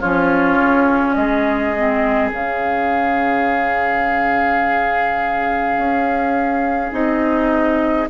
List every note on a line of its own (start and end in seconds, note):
0.00 0.58 F3
0.00 1.76 C#4
0.00 1.15 F4
0.00 1.14 C#5
0.58 1.16 C#3
1.14 2.31 G#3
1.14 8.10 G#4
1.14 2.30 D#5
1.77 2.32 C4
2.32 5.77 C#3
2.32 6.92 C#4
2.32 6.93 F5
5.77 6.92 C#4
6.92 8.07 C4
6.92 8.07 D#4
6.92 8.09 D#5